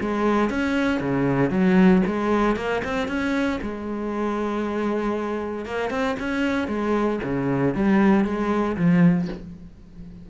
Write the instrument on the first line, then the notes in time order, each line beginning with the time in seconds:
cello
0.00 G#3
0.50 C#4
1.00 C#3
1.50 F#3
2.06 G#3
2.56 A#3
2.84 C4
3.08 C#4
3.61 G#3
5.65 A#3
5.90 C4
6.19 C#4
6.67 G#3
7.23 C#3
7.74 G3
8.24 G#3
8.76 F3